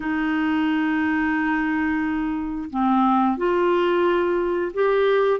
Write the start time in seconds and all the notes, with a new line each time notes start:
0.00 D#4
2.70 C4
3.37 F4
4.73 G4